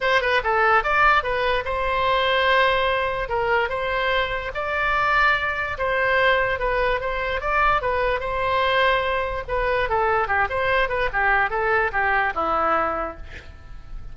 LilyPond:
\new Staff \with { instrumentName = "oboe" } { \time 4/4 \tempo 4 = 146 c''8 b'8 a'4 d''4 b'4 | c''1 | ais'4 c''2 d''4~ | d''2 c''2 |
b'4 c''4 d''4 b'4 | c''2. b'4 | a'4 g'8 c''4 b'8 g'4 | a'4 g'4 e'2 | }